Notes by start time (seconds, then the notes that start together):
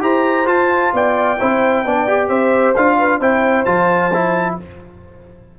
0.00 E4 G4 C5 A#5
0.45 F4 A5
0.93 B3 D5 G5
1.39 C4 E4 C5
1.85 B3 D4 D5
2.07 G4
2.28 C4 C5 E5
2.75 D4 F4 F5
2.98 B4
3.19 C4 E4 C5 G5
3.64 F3 F4 A5
4.13 E4